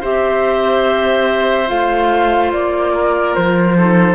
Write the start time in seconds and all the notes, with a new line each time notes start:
0.00 C4 G4 C5 E5
1.66 A3 F4 F5
2.52 A#3 D5
2.93 A#4
3.34 F3 C5
3.77 D#4 A4